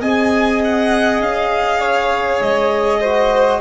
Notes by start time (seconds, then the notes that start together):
0.00 C4 G#4 D#5 G#5
0.64 F#5
1.19 C#4 F5
1.80 C#5
2.40 G#3 D#5
3.00 F#4 C5